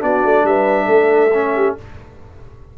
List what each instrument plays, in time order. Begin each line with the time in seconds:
0.00 tuba B3, trombone D4, horn F#4, trumpet D5
0.24 tuba A3
0.44 tuba G3, horn B4, trumpet E5
0.85 tuba A3, horn A4
1.34 trombone C#4
1.55 horn G4